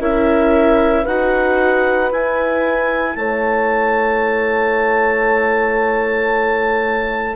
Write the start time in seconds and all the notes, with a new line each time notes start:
0.00 C#4 E4 A#4 E5
1.02 D#4 F#4 B4 F#5
2.11 E4 G#5
3.15 A3 C#5 A5